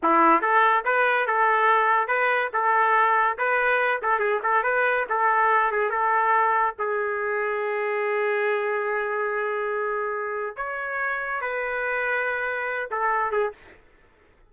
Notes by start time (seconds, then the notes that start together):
0.02 E4
0.41 A4
0.84 B4
1.27 A4
2.07 B4
2.53 A4
3.38 B4
4.02 A4
4.19 G#4
4.42 A4
4.63 B4
5.09 A4
5.71 G#4
5.89 A4
6.78 G#4
10.56 C#5
11.41 B4
12.90 A4
13.31 G#4